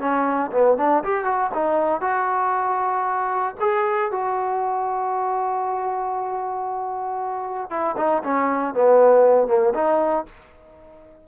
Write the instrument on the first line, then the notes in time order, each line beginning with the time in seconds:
trombone
0.00 C#4
0.52 B3
0.78 D4
1.04 G4
1.25 F#4
1.54 D#4
2.01 F#4
3.60 G#4
4.11 F#4
7.70 E4
7.97 D#4
8.23 C#4
8.74 B3
9.48 A#3
9.74 D#4